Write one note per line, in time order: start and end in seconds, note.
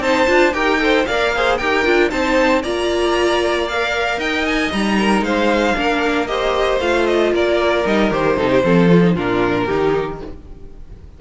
0.00 0.26 C4
0.00 0.27 D#4
0.00 0.54 C5
0.00 0.54 A5
0.27 0.54 D4
0.27 0.53 F4
0.54 1.06 D#4
0.54 0.80 G4
0.54 0.81 A#4
0.54 1.06 G5
0.80 1.06 A4
0.80 1.08 C5
1.07 1.60 A#3
1.07 1.35 A#4
1.07 1.34 D5
1.07 1.58 F5
1.36 1.61 G#4
1.36 1.59 C5
1.58 1.86 D#4
1.58 1.85 G4
1.58 2.11 A#4
1.58 2.10 G5
1.85 2.12 D4
1.85 2.10 F4
2.10 2.64 C4
2.10 2.63 D#4
2.10 2.63 C5
2.10 2.63 A5
2.63 4.18 A#3
2.63 3.69 F4
2.63 4.19 D5
2.63 3.68 A#5
3.68 4.72 A#4
3.68 4.20 F5
4.18 4.70 D#4
4.18 4.98 D#5
4.18 4.46 G5
4.47 4.73 G#5
4.72 5.22 G3
4.72 5.75 D#4
4.72 5.24 A#5
4.99 5.25 A#4
5.22 5.74 G#3
5.22 5.77 C5
5.22 6.27 F5
5.75 6.81 A#3
5.75 6.27 D4
5.75 6.29 A#4
6.27 6.80 G4
6.27 7.33 C5
6.27 6.79 D#5
6.81 7.33 A3
6.81 7.85 F4
6.81 7.07 F5
7.07 7.33 D#5
7.33 7.85 A#3
7.33 8.37 A#4
7.33 7.87 D5
7.86 8.11 G3
7.86 8.11 D#4
7.86 8.12 D#5
8.11 8.37 D#3
8.11 8.37 G4
8.11 9.16 C5
8.37 8.64 C3
8.37 8.62 D#4
8.37 8.50 A4
8.50 8.63 G4
8.62 9.17 F3
8.62 8.88 C4
8.62 9.16 A4
8.89 9.02 F4
9.03 9.16 D#4
9.16 9.69 A#2
9.16 9.68 D4
9.16 9.66 F4
9.16 10.21 A#4
9.66 10.22 D#3
9.66 10.22 D#4
9.66 10.18 G4